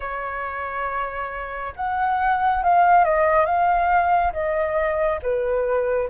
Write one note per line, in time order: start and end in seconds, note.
0.00 1.73 C#5
1.76 2.63 F#5
2.63 3.04 F5
3.04 3.45 D#5
3.45 4.32 F5
4.32 5.19 D#5
5.22 6.09 B4